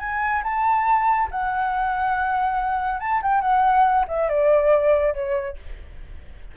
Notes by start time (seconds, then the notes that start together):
0.00 G#5
0.44 A5
1.32 F#5
3.00 A5
3.23 G5
3.42 F#5
4.08 E5
4.29 D5
5.14 C#5